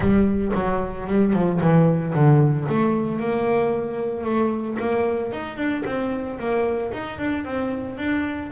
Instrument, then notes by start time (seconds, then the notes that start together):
double bass
0.00 G3
0.54 F#3
1.07 G3
1.33 F3
1.60 E3
2.14 D3
2.69 A3
3.19 A#3
4.24 A3
4.79 A#3
5.32 D#4
5.56 D4
5.85 C4
6.39 A#3
6.92 D#4
7.18 D4
7.45 C4
7.97 D4